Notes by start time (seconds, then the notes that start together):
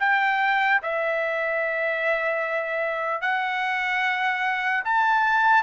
0.00 G5
0.83 E5
3.21 F#5
4.85 A5